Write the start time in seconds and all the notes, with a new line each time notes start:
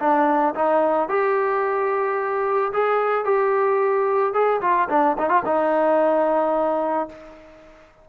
0.00 D4
0.55 D#4
1.09 G4
2.73 G#4
3.25 G4
4.34 G#4
4.61 F4
4.90 D4
5.18 D#4
5.30 F4
5.46 D#4